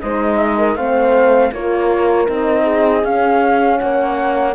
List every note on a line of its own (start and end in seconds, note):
0.00 0.75 G#3
0.00 0.76 D#4
0.00 0.37 C5
0.00 0.76 D#5
0.37 0.56 E5
0.57 0.76 A#4
0.75 1.51 A3
0.75 1.52 C4
0.75 1.52 C5
0.75 1.52 F5
1.51 2.27 A#3
1.51 2.27 F4
1.51 2.63 A#4
1.51 2.28 C#5
2.27 3.03 C4
2.27 3.03 D#4
2.27 3.04 D#5
2.63 3.77 G#4
3.03 3.79 C#4
3.03 4.54 C#4
3.03 3.78 F5
3.78 4.54 A#3
3.78 4.54 C#5
3.78 4.53 F#5